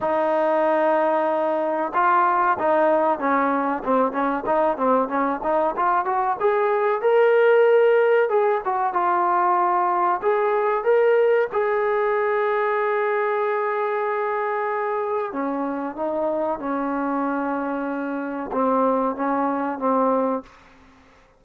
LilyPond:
\new Staff \with { instrumentName = "trombone" } { \time 4/4 \tempo 4 = 94 dis'2. f'4 | dis'4 cis'4 c'8 cis'8 dis'8 c'8 | cis'8 dis'8 f'8 fis'8 gis'4 ais'4~ | ais'4 gis'8 fis'8 f'2 |
gis'4 ais'4 gis'2~ | gis'1 | cis'4 dis'4 cis'2~ | cis'4 c'4 cis'4 c'4 | }